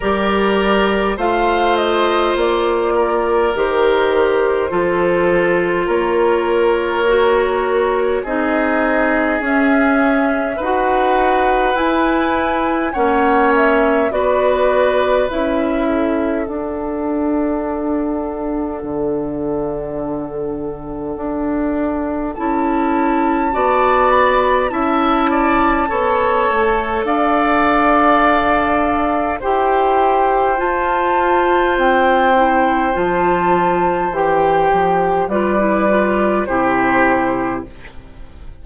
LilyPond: <<
  \new Staff \with { instrumentName = "flute" } { \time 4/4 \tempo 4 = 51 d''4 f''8 dis''8 d''4 c''4~ | c''4 cis''2 dis''4 | e''4 fis''4 gis''4 fis''8 e''8 | d''4 e''4 fis''2~ |
fis''2. a''4~ | a''8 b''8 a''2 f''4~ | f''4 g''4 a''4 g''4 | a''4 g''4 d''4 c''4 | }
  \new Staff \with { instrumentName = "oboe" } { \time 4/4 ais'4 c''4. ais'4. | a'4 ais'2 gis'4~ | gis'4 b'2 cis''4 | b'4. a'2~ a'8~ |
a'1 | d''4 e''8 d''8 cis''4 d''4~ | d''4 c''2.~ | c''2 b'4 g'4 | }
  \new Staff \with { instrumentName = "clarinet" } { \time 4/4 g'4 f'2 g'4 | f'2 fis'4 dis'4 | cis'4 fis'4 e'4 cis'4 | fis'4 e'4 d'2~ |
d'2. e'4 | fis'4 e'4 a'2~ | a'4 g'4 f'4. e'8 | f'4 g'4 f'16 e'16 f'8 e'4 | }
  \new Staff \with { instrumentName = "bassoon" } { \time 4/4 g4 a4 ais4 dis4 | f4 ais2 c'4 | cis'4 dis'4 e'4 ais4 | b4 cis'4 d'2 |
d2 d'4 cis'4 | b4 cis'4 b8 a8 d'4~ | d'4 e'4 f'4 c'4 | f4 e8 f8 g4 c4 | }
>>